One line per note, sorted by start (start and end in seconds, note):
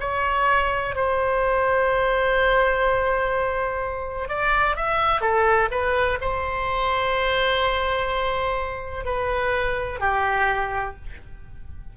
0.00 0.95 C#5
0.95 4.28 C5
4.29 4.76 D5
4.76 5.21 E5
5.21 5.68 A4
5.71 6.18 B4
6.21 9.05 C5
9.05 10.00 B4
10.00 10.95 G4